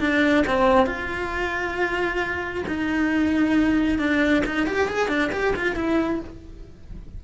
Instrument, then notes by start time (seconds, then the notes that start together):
cello
0.00 D4
0.47 C4
0.86 F4
2.67 D#4
3.99 D4
4.46 D#4
4.67 G4
4.88 G#4
5.08 D4
5.32 G4
5.56 F4
5.76 E4